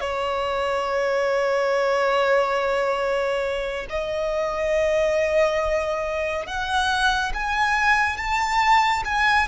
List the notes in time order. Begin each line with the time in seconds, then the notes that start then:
0.00 C#5
3.89 D#5
6.46 F#5
7.34 G#5
8.17 A5
9.04 G#5